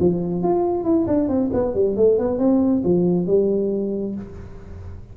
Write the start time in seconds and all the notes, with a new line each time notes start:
0.00 F3
0.43 F4
0.84 E4
1.07 D4
1.29 C4
1.53 B3
1.75 G3
1.97 A3
2.19 B3
2.39 C4
2.85 F3
3.27 G3